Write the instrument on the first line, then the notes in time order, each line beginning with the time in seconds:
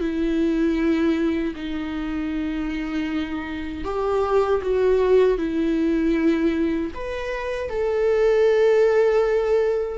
viola
0.00 E4
1.55 D#4
3.84 G4
4.62 F#4
5.37 E4
6.94 B4
7.69 A4